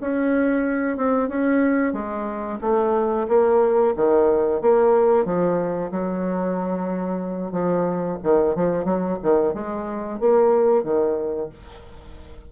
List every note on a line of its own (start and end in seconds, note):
0.00 0.97 C#4
0.97 1.28 C4
1.28 1.93 C#4
1.93 2.59 G#3
2.61 3.27 A3
3.28 3.94 A#3
3.96 4.61 D#3
4.61 5.25 A#3
5.25 5.91 F3
5.91 7.51 F#3
7.51 8.17 F3
8.23 8.55 D#3
8.55 8.84 F3
8.84 9.17 F#3
9.22 9.53 D#3
9.53 10.19 G#3
10.19 10.83 A#3
10.83 11.49 D#3